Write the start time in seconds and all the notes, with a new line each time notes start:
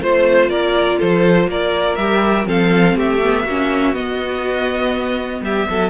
0.00 A3 F4 C5
0.48 A#3 A#4 D5
0.98 F3 A4 C5
1.47 A#3 A#4 D5
1.95 G3 G4 E5
2.45 F3 C4 A4 F5
2.95 A3 G4 E5
3.22 B3
3.44 A#3 C#4 F#4
3.93 B3 D#5
5.41 G3 G4 E5
5.69 F#3 A4